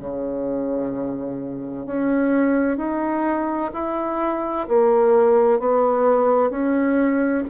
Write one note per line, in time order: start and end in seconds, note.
0.00 1.87 C#3
1.87 2.78 C#4
2.78 3.72 D#4
3.74 4.68 E4
4.68 5.60 A#3
5.60 6.51 B3
6.51 7.44 C#4